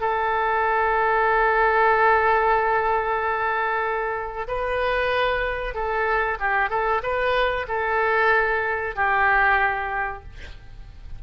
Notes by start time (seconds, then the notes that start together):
0.00 A4
4.47 B4
5.74 A4
6.39 G4
6.69 A4
7.02 B4
7.68 A4
8.95 G4